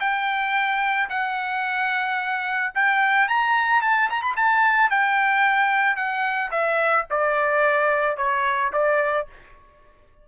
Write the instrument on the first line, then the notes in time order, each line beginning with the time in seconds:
trumpet
0.00 G5
1.09 F#5
2.75 G5
3.28 A#5
3.82 A5
4.10 A#5
4.22 B5
4.36 A5
4.90 G5
5.96 F#5
6.51 E5
7.10 D5
8.17 C#5
8.72 D5